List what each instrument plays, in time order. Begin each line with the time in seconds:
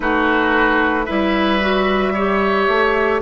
0.00 bassoon A3, clarinet D#4, oboe F#4, flute B4
1.05 bassoon G3, clarinet E4, oboe B4, flute E5
1.60 clarinet F#4
2.13 clarinet G4, oboe C#5
2.68 bassoon A3